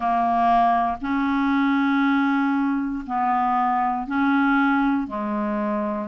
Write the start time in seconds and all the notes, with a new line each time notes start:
0.00 A#3
1.01 C#4
3.06 B3
4.07 C#4
5.07 G#3